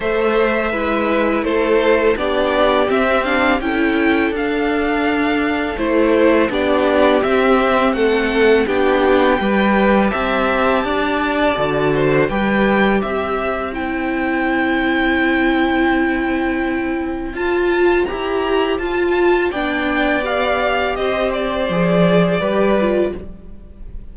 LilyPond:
<<
  \new Staff \with { instrumentName = "violin" } { \time 4/4 \tempo 4 = 83 e''2 c''4 d''4 | e''8 f''8 g''4 f''2 | c''4 d''4 e''4 fis''4 | g''2 a''2~ |
a''4 g''4 e''4 g''4~ | g''1 | a''4 ais''4 a''4 g''4 | f''4 dis''8 d''2~ d''8 | }
  \new Staff \with { instrumentName = "violin" } { \time 4/4 c''4 b'4 a'4 g'4~ | g'4 a'2.~ | a'4 g'2 a'4 | g'4 b'4 e''4 d''4~ |
d''8 c''8 b'4 c''2~ | c''1~ | c''2. d''4~ | d''4 c''2 b'4 | }
  \new Staff \with { instrumentName = "viola" } { \time 4/4 a'4 e'2 d'4 | c'8 d'8 e'4 d'2 | e'4 d'4 c'2 | d'4 g'2. |
fis'4 g'2 e'4~ | e'1 | f'4 g'4 f'4 d'4 | g'2 gis'4 g'8 f'8 | }
  \new Staff \with { instrumentName = "cello" } { \time 4/4 a4 gis4 a4 b4 | c'4 cis'4 d'2 | a4 b4 c'4 a4 | b4 g4 c'4 d'4 |
d4 g4 c'2~ | c'1 | f'4 e'4 f'4 b4~ | b4 c'4 f4 g4 | }
>>